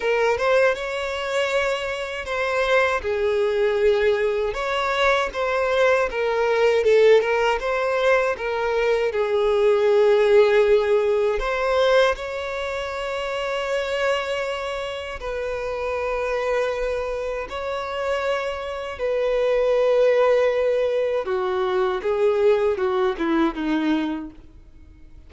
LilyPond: \new Staff \with { instrumentName = "violin" } { \time 4/4 \tempo 4 = 79 ais'8 c''8 cis''2 c''4 | gis'2 cis''4 c''4 | ais'4 a'8 ais'8 c''4 ais'4 | gis'2. c''4 |
cis''1 | b'2. cis''4~ | cis''4 b'2. | fis'4 gis'4 fis'8 e'8 dis'4 | }